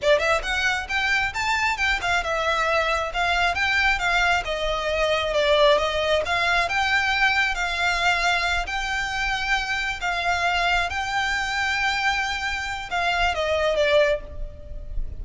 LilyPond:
\new Staff \with { instrumentName = "violin" } { \time 4/4 \tempo 4 = 135 d''8 e''8 fis''4 g''4 a''4 | g''8 f''8 e''2 f''4 | g''4 f''4 dis''2 | d''4 dis''4 f''4 g''4~ |
g''4 f''2~ f''8 g''8~ | g''2~ g''8 f''4.~ | f''8 g''2.~ g''8~ | g''4 f''4 dis''4 d''4 | }